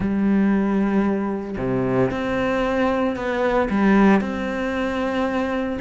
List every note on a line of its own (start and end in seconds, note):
0.00 1.56 G3
1.57 2.10 C3
2.11 3.16 C4
3.16 3.68 B3
3.70 4.20 G3
4.20 5.78 C4